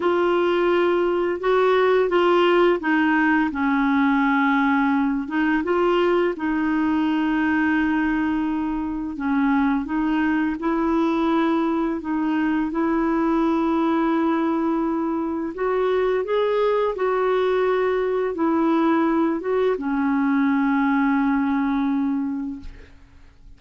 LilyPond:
\new Staff \with { instrumentName = "clarinet" } { \time 4/4 \tempo 4 = 85 f'2 fis'4 f'4 | dis'4 cis'2~ cis'8 dis'8 | f'4 dis'2.~ | dis'4 cis'4 dis'4 e'4~ |
e'4 dis'4 e'2~ | e'2 fis'4 gis'4 | fis'2 e'4. fis'8 | cis'1 | }